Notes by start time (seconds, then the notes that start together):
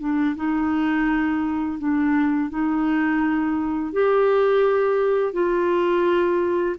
0.00 D4
0.36 D#4
1.79 D4
2.50 D#4
3.93 G4
5.33 F4